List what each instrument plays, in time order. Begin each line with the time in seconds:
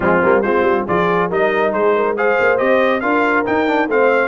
0.00 tuba F3, trombone G#3, horn C4, trumpet F4
0.22 tuba G3, trombone A#3
0.41 tuba G#3, trombone C4, horn F4, trumpet C5
0.61 tuba G3
0.86 tuba F3, trombone F4, horn G#4, trumpet D5
1.29 tuba G3, trombone D#4, horn A#4, trumpet D#5
1.72 tuba G#3, horn G#4, trumpet C5
1.95 horn A#4
2.16 trombone G#4, horn C5, trumpet F5
2.39 tuba A#3
2.57 tuba C4, trombone G4, trumpet D#5
3.00 tuba D4, trombone F4, horn A#4, trumpet F5
3.45 trombone D#4, tuba D#4, trumpet G5
3.67 trombone D4
3.87 tuba A3, trombone C4, horn C5, trumpet F5